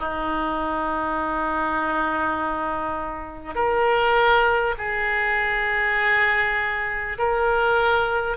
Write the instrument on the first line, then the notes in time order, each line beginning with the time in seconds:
oboe
0.00 D#4
3.56 A#4
4.78 G#4
7.18 A#4